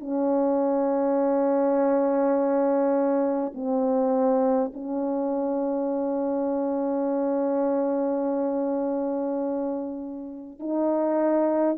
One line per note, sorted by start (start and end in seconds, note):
0.00 3.53 C#4
3.55 4.72 C4
4.74 10.59 C#4
10.59 11.77 D#4